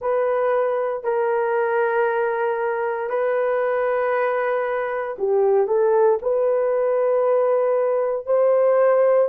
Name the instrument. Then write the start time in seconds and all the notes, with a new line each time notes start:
horn
0.01 B4
1.03 A#4
3.09 B4
5.18 G4
5.67 A4
6.22 B4
8.25 C5